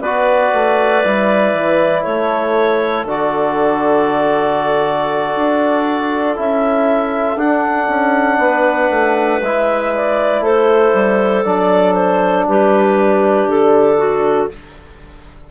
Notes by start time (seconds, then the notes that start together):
0.00 B3 F#4 B4 D5
0.53 A3
1.04 G3 E4
1.53 E3
2.00 A3 A4 C#5
3.04 D3 F#4 D5
5.35 D4
6.35 C#4 E4 E5
7.36 D4 F#5
7.88 C#4
8.38 B3 B4
8.90 A3
9.42 G#3 E4 E5
9.95 D5
10.40 A3 A4 C5
10.93 G3
11.44 F#3 D4 D5
11.93 C5
12.47 G3 G4 B4
13.47 D3 A4
13.98 F#4